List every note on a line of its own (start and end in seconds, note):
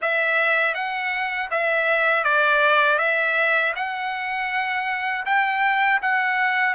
0.01 0.74 E5
0.74 1.49 F#5
1.50 2.24 E5
2.24 2.98 D5
2.98 3.73 E5
3.75 5.25 F#5
5.25 6.00 G5
6.01 6.74 F#5